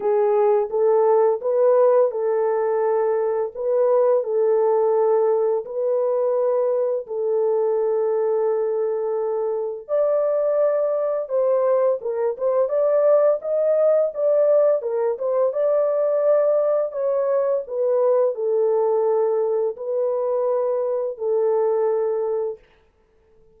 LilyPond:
\new Staff \with { instrumentName = "horn" } { \time 4/4 \tempo 4 = 85 gis'4 a'4 b'4 a'4~ | a'4 b'4 a'2 | b'2 a'2~ | a'2 d''2 |
c''4 ais'8 c''8 d''4 dis''4 | d''4 ais'8 c''8 d''2 | cis''4 b'4 a'2 | b'2 a'2 | }